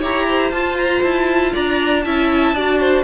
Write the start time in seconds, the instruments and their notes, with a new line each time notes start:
0.00 cello E4, viola G4, violin C#5 A#5
0.28 violin C5
0.51 cello F4, viola F4, violin A5
0.77 violin A#5
1.02 cello E4, violin A5
1.53 cello D4, violin D5 A#5
2.02 cello C#4, viola E4, violin E5 A5
2.53 cello D4, viola F#4, violin D5
2.80 violin C5